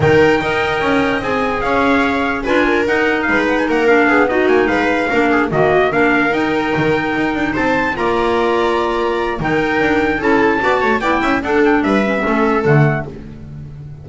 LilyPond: <<
  \new Staff \with { instrumentName = "trumpet" } { \time 4/4 \tempo 4 = 147 g''2. gis''4 | f''2 gis''4 fis''4 | f''8 fis''16 gis''16 fis''8 f''4 dis''8 gis''8 f''8~ | f''4. dis''4 f''4 g''8~ |
g''2~ g''8 a''4 ais''8~ | ais''2. g''4~ | g''4 a''2 g''4 | fis''8 g''8 e''2 fis''4 | }
  \new Staff \with { instrumentName = "viola" } { \time 4/4 ais'4 dis''2. | cis''2 b'8 ais'4. | b'4 ais'4 gis'8 fis'4 b'8~ | b'8 ais'8 gis'8 fis'4 ais'4.~ |
ais'2~ ais'8 c''4 d''8~ | d''2. ais'4~ | ais'4 a'4 d''8 cis''8 d''8 e''8 | a'4 b'4 a'2 | }
  \new Staff \with { instrumentName = "clarinet" } { \time 4/4 dis'4 ais'2 gis'4~ | gis'2 f'4 dis'4~ | dis'4. d'4 dis'4.~ | dis'8 d'4 ais4 d'4 dis'8~ |
dis'2.~ dis'8 f'8~ | f'2. dis'4~ | dis'4 e'4 fis'4 e'4 | d'4. cis'16 b16 cis'4 a4 | }
  \new Staff \with { instrumentName = "double bass" } { \time 4/4 dis4 dis'4 cis'4 c'4 | cis'2 d'4 dis'4 | gis4 ais4 b4 ais8 gis8~ | gis8 ais4 dis4 ais4 dis'8~ |
dis'8 dis4 dis'8 d'8 c'4 ais8~ | ais2. dis4 | d'4 cis'4 b8 a8 b8 cis'8 | d'4 g4 a4 d4 | }
>>